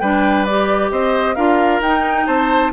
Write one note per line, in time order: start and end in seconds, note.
0.00 0.91 G3
0.00 0.48 D4
0.00 0.91 B4
0.00 0.45 G5
0.45 1.36 G4
0.45 0.90 D5
0.91 1.36 C4
0.91 1.35 C5
0.91 1.35 D#5
1.35 1.80 D4
1.35 1.82 F4
1.35 2.26 A#4
1.35 1.80 F5
1.80 2.26 D#4
1.80 2.73 D#4
1.80 2.26 G5
2.26 2.72 C4
2.26 2.72 C5
2.26 2.72 A5